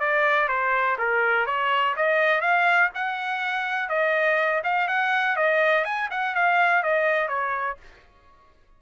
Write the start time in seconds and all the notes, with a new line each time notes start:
0.00 D5
0.48 C5
0.98 A#4
1.46 C#5
1.96 D#5
2.41 F5
2.95 F#5
3.89 D#5
4.64 F5
4.88 F#5
5.36 D#5
5.85 G#5
6.11 F#5
6.35 F5
6.83 D#5
7.28 C#5